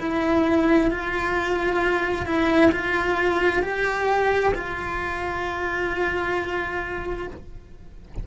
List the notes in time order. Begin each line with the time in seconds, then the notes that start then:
0.00 E4
0.91 F4
2.26 E4
2.71 F4
3.62 G4
4.55 F4